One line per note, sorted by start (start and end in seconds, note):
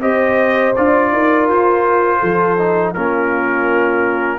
0.00 0.74 C4
0.00 0.73 G4
0.00 1.11 C5
0.00 0.74 D#5
0.75 1.12 D4
0.75 2.58 F4
0.75 1.48 D5
1.12 1.48 D#4
1.12 2.19 A#4
1.48 2.21 F4
1.48 2.93 C5
2.19 2.96 F3
2.19 2.92 A4
2.58 2.95 D#4
2.93 4.39 A#3
2.93 4.39 C#4
2.93 4.39 F4
2.93 4.39 A#4